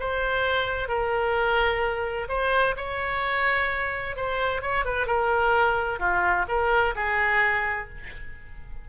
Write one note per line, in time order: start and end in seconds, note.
0.00 0.89 C5
0.89 2.28 A#4
2.29 2.75 C5
2.77 4.16 C#5
4.16 4.62 C5
4.62 4.85 C#5
4.85 5.07 B4
5.07 6.00 A#4
6.00 6.46 F4
6.48 6.95 A#4
6.96 7.89 G#4